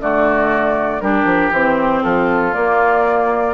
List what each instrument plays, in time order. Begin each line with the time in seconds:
0.00 bassoon D3, clarinet A3, oboe F#4, flute D5
1.00 bassoon G3, clarinet D4, oboe G4, flute A#4
1.24 bassoon F3
1.50 bassoon E3, clarinet C4, flute C5
2.03 bassoon F3, oboe F4, flute A4
2.53 clarinet A#3, bassoon A#3, flute D5